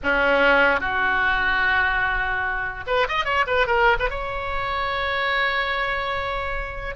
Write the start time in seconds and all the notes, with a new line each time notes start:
0.03 C#4
0.80 F#4
2.86 B4
3.08 D#5
3.24 C#5
3.46 B4
3.66 A#4
3.99 B4
4.10 C#5